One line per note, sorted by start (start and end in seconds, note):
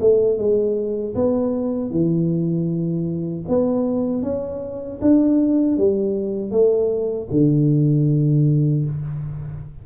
0.00 0.37 A3
0.37 1.14 G#3
1.15 1.91 B3
1.91 3.44 E3
3.48 4.22 B3
4.22 4.99 C#4
5.01 5.77 D4
5.77 6.51 G3
6.51 7.28 A3
7.31 8.85 D3